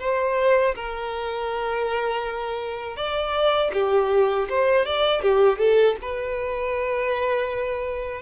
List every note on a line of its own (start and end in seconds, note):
0.00 0.75 C5
0.76 2.97 A#4
2.97 3.72 D5
3.74 4.49 G4
4.50 4.86 C5
4.86 5.22 D5
5.22 5.59 G4
5.59 5.96 A4
6.02 8.22 B4